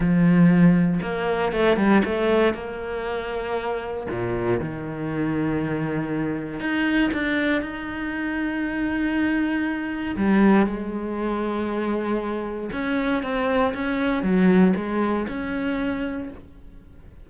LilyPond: \new Staff \with { instrumentName = "cello" } { \time 4/4 \tempo 4 = 118 f2 ais4 a8 g8 | a4 ais2. | ais,4 dis2.~ | dis4 dis'4 d'4 dis'4~ |
dis'1 | g4 gis2.~ | gis4 cis'4 c'4 cis'4 | fis4 gis4 cis'2 | }